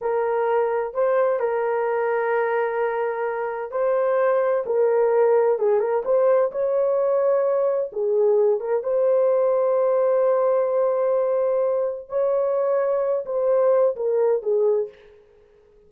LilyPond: \new Staff \with { instrumentName = "horn" } { \time 4/4 \tempo 4 = 129 ais'2 c''4 ais'4~ | ais'1 | c''2 ais'2 | gis'8 ais'8 c''4 cis''2~ |
cis''4 gis'4. ais'8 c''4~ | c''1~ | c''2 cis''2~ | cis''8 c''4. ais'4 gis'4 | }